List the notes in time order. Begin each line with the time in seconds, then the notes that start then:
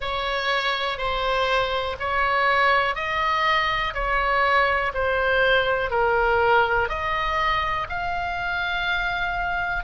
0.00 C#5
0.97 C5
1.99 C#5
2.95 D#5
3.93 C#5
4.94 C5
5.90 A#4
6.89 D#5
7.89 F5